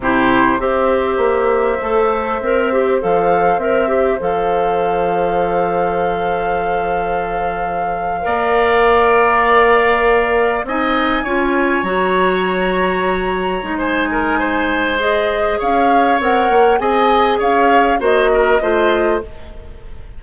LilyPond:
<<
  \new Staff \with { instrumentName = "flute" } { \time 4/4 \tempo 4 = 100 c''4 e''2.~ | e''4 f''4 e''4 f''4~ | f''1~ | f''1~ |
f''4.~ f''16 gis''2 ais''16~ | ais''2. gis''4~ | gis''4 dis''4 f''4 fis''4 | gis''4 f''4 dis''2 | }
  \new Staff \with { instrumentName = "oboe" } { \time 4/4 g'4 c''2.~ | c''1~ | c''1~ | c''4.~ c''16 d''2~ d''16~ |
d''4.~ d''16 dis''4 cis''4~ cis''16~ | cis''2. c''8 ais'8 | c''2 cis''2 | dis''4 cis''4 c''8 ais'8 c''4 | }
  \new Staff \with { instrumentName = "clarinet" } { \time 4/4 e'4 g'2 a'4 | ais'8 g'8 a'4 ais'8 g'8 a'4~ | a'1~ | a'4.~ a'16 ais'2~ ais'16~ |
ais'4.~ ais'16 dis'4 f'4 fis'16~ | fis'2~ fis'8. dis'4~ dis'16~ | dis'4 gis'2 ais'4 | gis'2 fis'4 f'4 | }
  \new Staff \with { instrumentName = "bassoon" } { \time 4/4 c4 c'4 ais4 a4 | c'4 f4 c'4 f4~ | f1~ | f4.~ f16 ais2~ ais16~ |
ais4.~ ais16 c'4 cis'4 fis16~ | fis2~ fis8. gis4~ gis16~ | gis2 cis'4 c'8 ais8 | c'4 cis'4 ais4 a4 | }
>>